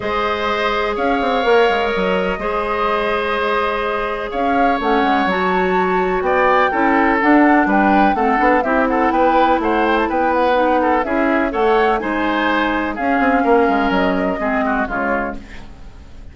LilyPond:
<<
  \new Staff \with { instrumentName = "flute" } { \time 4/4 \tempo 4 = 125 dis''2 f''2 | dis''1~ | dis''4 f''4 fis''4 a''4~ | a''4 g''2 fis''4 |
g''4 fis''4 e''8 fis''8 g''4 | fis''8 g''16 a''16 g''8 fis''4. e''4 | fis''4 gis''2 f''4~ | f''4 dis''2 cis''4 | }
  \new Staff \with { instrumentName = "oboe" } { \time 4/4 c''2 cis''2~ | cis''4 c''2.~ | c''4 cis''2.~ | cis''4 d''4 a'2 |
b'4 a'4 g'8 a'8 b'4 | c''4 b'4. a'8 gis'4 | cis''4 c''2 gis'4 | ais'2 gis'8 fis'8 f'4 | }
  \new Staff \with { instrumentName = "clarinet" } { \time 4/4 gis'2. ais'4~ | ais'4 gis'2.~ | gis'2 cis'4 fis'4~ | fis'2 e'4 d'4~ |
d'4 c'8 d'8 e'2~ | e'2 dis'4 e'4 | a'4 dis'2 cis'4~ | cis'2 c'4 gis4 | }
  \new Staff \with { instrumentName = "bassoon" } { \time 4/4 gis2 cis'8 c'8 ais8 gis8 | fis4 gis2.~ | gis4 cis'4 a8 gis8 fis4~ | fis4 b4 cis'4 d'4 |
g4 a8 b8 c'4 b4 | a4 b2 cis'4 | a4 gis2 cis'8 c'8 | ais8 gis8 fis4 gis4 cis4 | }
>>